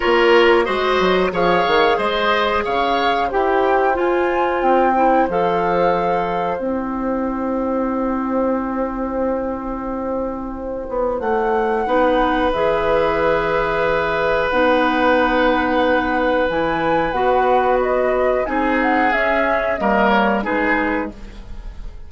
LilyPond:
<<
  \new Staff \with { instrumentName = "flute" } { \time 4/4 \tempo 4 = 91 cis''4 dis''4 f''4 dis''4 | f''4 g''4 gis''4 g''4 | f''2 g''2~ | g''1~ |
g''4 fis''2 e''4~ | e''2 fis''2~ | fis''4 gis''4 fis''4 dis''4 | gis''8 fis''8 e''4 dis''8 cis''8 b'4 | }
  \new Staff \with { instrumentName = "oboe" } { \time 4/4 ais'4 c''4 cis''4 c''4 | cis''4 c''2.~ | c''1~ | c''1~ |
c''2 b'2~ | b'1~ | b'1 | gis'2 ais'4 gis'4 | }
  \new Staff \with { instrumentName = "clarinet" } { \time 4/4 f'4 fis'4 gis'2~ | gis'4 g'4 f'4. e'8 | a'2 e'2~ | e'1~ |
e'2 dis'4 gis'4~ | gis'2 dis'2~ | dis'4 e'4 fis'2 | dis'4 cis'4 ais4 dis'4 | }
  \new Staff \with { instrumentName = "bassoon" } { \time 4/4 ais4 gis8 fis8 f8 dis8 gis4 | cis4 e'4 f'4 c'4 | f2 c'2~ | c'1~ |
c'8 b8 a4 b4 e4~ | e2 b2~ | b4 e4 b2 | c'4 cis'4 g4 gis4 | }
>>